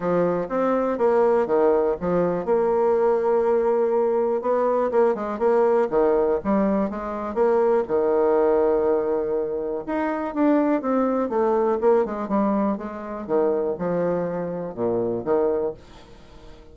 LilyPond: \new Staff \with { instrumentName = "bassoon" } { \time 4/4 \tempo 4 = 122 f4 c'4 ais4 dis4 | f4 ais2.~ | ais4 b4 ais8 gis8 ais4 | dis4 g4 gis4 ais4 |
dis1 | dis'4 d'4 c'4 a4 | ais8 gis8 g4 gis4 dis4 | f2 ais,4 dis4 | }